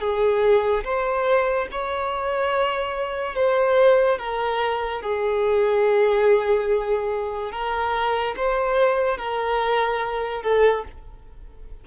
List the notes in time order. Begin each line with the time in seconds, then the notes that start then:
0.00 G#4
0.84 C5
1.71 C#5
3.35 C5
4.18 A#4
5.02 G#4
7.52 A#4
8.36 C5
9.17 A#4
10.42 A4